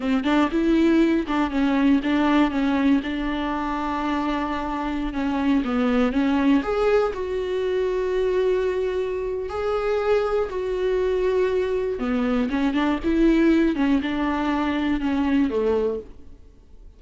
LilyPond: \new Staff \with { instrumentName = "viola" } { \time 4/4 \tempo 4 = 120 c'8 d'8 e'4. d'8 cis'4 | d'4 cis'4 d'2~ | d'2~ d'16 cis'4 b8.~ | b16 cis'4 gis'4 fis'4.~ fis'16~ |
fis'2. gis'4~ | gis'4 fis'2. | b4 cis'8 d'8 e'4. cis'8 | d'2 cis'4 a4 | }